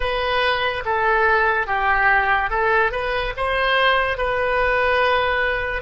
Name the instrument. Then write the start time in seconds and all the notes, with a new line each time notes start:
oboe
0.00 B4
0.85 A4
1.67 G4
2.50 A4
2.91 B4
3.36 C5
4.17 B4